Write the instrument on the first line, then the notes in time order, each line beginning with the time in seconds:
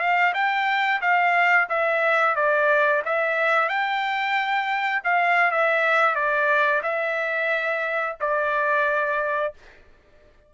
trumpet
0.00 F5
0.34 G5
1.02 F5
1.69 E5
2.36 D5
3.05 E5
3.69 G5
5.04 F5
5.51 E5
6.15 D5
6.83 E5
8.20 D5